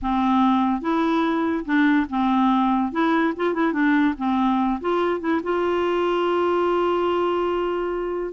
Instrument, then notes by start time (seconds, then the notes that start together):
clarinet
0.02 C4
0.81 E4
1.65 D4
2.09 C4
2.91 E4
3.36 F4
3.54 E4
3.72 D4
4.17 C4
4.80 F4
5.20 E4
5.43 F4